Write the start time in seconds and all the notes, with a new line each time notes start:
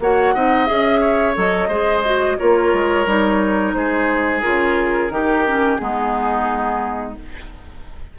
0.00 A#3 F#4 C#5 F#5
0.35 C4 D#4 D#5
0.66 C#4 G#4 E5
1.01 C#5
1.35 F#3 A4 D#5
1.68 G#3 G#4 C5
2.05 F#4
2.39 A#3 F4 A#4 C#5
2.74 G#3
3.06 G3 D#4
3.74 G#3 G#4 C5
4.41 C#3 F4 A#4
5.10 D#3 D#4 G4
5.46 C#4
5.75 G#3 B3 G#4
5.82 D#4